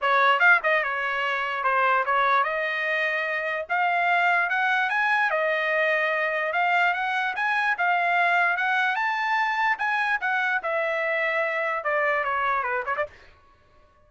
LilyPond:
\new Staff \with { instrumentName = "trumpet" } { \time 4/4 \tempo 4 = 147 cis''4 f''8 dis''8 cis''2 | c''4 cis''4 dis''2~ | dis''4 f''2 fis''4 | gis''4 dis''2. |
f''4 fis''4 gis''4 f''4~ | f''4 fis''4 a''2 | gis''4 fis''4 e''2~ | e''4 d''4 cis''4 b'8 cis''16 d''16 | }